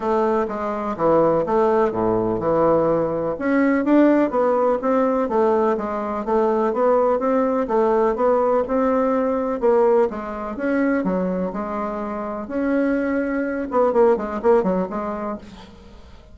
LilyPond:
\new Staff \with { instrumentName = "bassoon" } { \time 4/4 \tempo 4 = 125 a4 gis4 e4 a4 | a,4 e2 cis'4 | d'4 b4 c'4 a4 | gis4 a4 b4 c'4 |
a4 b4 c'2 | ais4 gis4 cis'4 fis4 | gis2 cis'2~ | cis'8 b8 ais8 gis8 ais8 fis8 gis4 | }